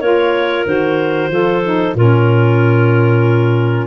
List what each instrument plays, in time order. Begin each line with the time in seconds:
0.00 tuba A#3, saxophone F4, clarinet A#4 C#5
0.66 tuba D#3, saxophone F#4, clarinet C5
1.29 tuba F3, saxophone F4, clarinet A4
1.64 saxophone D#4
1.95 tuba A#2, saxophone C#4, clarinet F4 A#4